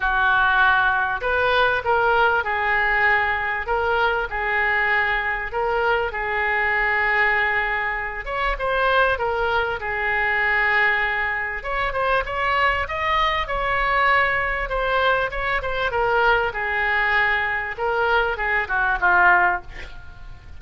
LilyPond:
\new Staff \with { instrumentName = "oboe" } { \time 4/4 \tempo 4 = 98 fis'2 b'4 ais'4 | gis'2 ais'4 gis'4~ | gis'4 ais'4 gis'2~ | gis'4. cis''8 c''4 ais'4 |
gis'2. cis''8 c''8 | cis''4 dis''4 cis''2 | c''4 cis''8 c''8 ais'4 gis'4~ | gis'4 ais'4 gis'8 fis'8 f'4 | }